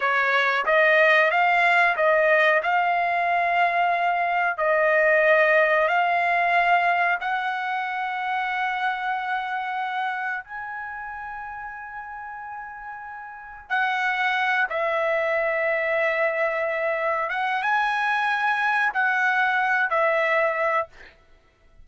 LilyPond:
\new Staff \with { instrumentName = "trumpet" } { \time 4/4 \tempo 4 = 92 cis''4 dis''4 f''4 dis''4 | f''2. dis''4~ | dis''4 f''2 fis''4~ | fis''1 |
gis''1~ | gis''4 fis''4. e''4.~ | e''2~ e''8 fis''8 gis''4~ | gis''4 fis''4. e''4. | }